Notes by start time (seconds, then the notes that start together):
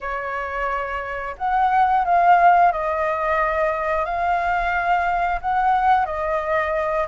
0.01 C#5
1.37 F#5
2.04 F5
2.72 D#5
4.05 F5
5.41 F#5
6.05 D#5